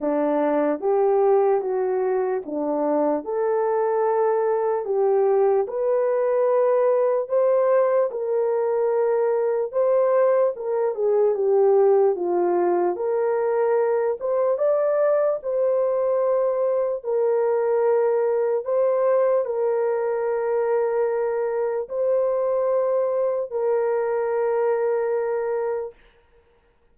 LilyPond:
\new Staff \with { instrumentName = "horn" } { \time 4/4 \tempo 4 = 74 d'4 g'4 fis'4 d'4 | a'2 g'4 b'4~ | b'4 c''4 ais'2 | c''4 ais'8 gis'8 g'4 f'4 |
ais'4. c''8 d''4 c''4~ | c''4 ais'2 c''4 | ais'2. c''4~ | c''4 ais'2. | }